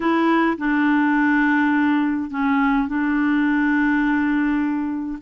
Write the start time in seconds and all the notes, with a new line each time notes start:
0.00 E4
0.57 D4
2.30 C#4
2.87 D4